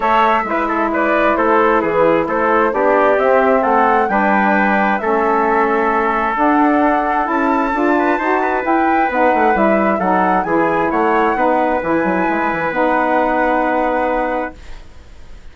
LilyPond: <<
  \new Staff \with { instrumentName = "flute" } { \time 4/4 \tempo 4 = 132 e''2 d''4 c''4 | b'4 c''4 d''4 e''4 | fis''4 g''2 e''4~ | e''2 fis''2 |
a''2. g''4 | fis''4 e''4 fis''4 gis''4 | fis''2 gis''2 | fis''1 | }
  \new Staff \with { instrumentName = "trumpet" } { \time 4/4 cis''4 b'8 a'8 b'4 a'4 | gis'4 a'4 g'2 | a'4 b'2 a'4~ | a'1~ |
a'4. b'8 c''8 b'4.~ | b'2 a'4 gis'4 | cis''4 b'2.~ | b'1 | }
  \new Staff \with { instrumentName = "saxophone" } { \time 4/4 a'4 e'2.~ | e'2 d'4 c'4~ | c'4 d'2 cis'4~ | cis'2 d'2 |
e'4 f'4 fis'4 e'4 | dis'4 e'4 dis'4 e'4~ | e'4 dis'4 e'2 | dis'1 | }
  \new Staff \with { instrumentName = "bassoon" } { \time 4/4 a4 gis2 a4 | e4 a4 b4 c'4 | a4 g2 a4~ | a2 d'2 |
cis'4 d'4 dis'4 e'4 | b8 a8 g4 fis4 e4 | a4 b4 e8 fis8 gis8 e8 | b1 | }
>>